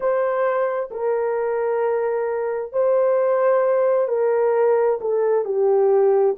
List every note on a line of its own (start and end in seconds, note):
0.00 0.89 C5
0.90 2.72 A#4
2.72 4.08 C5
4.08 4.99 A#4
5.00 5.45 A4
5.45 6.36 G4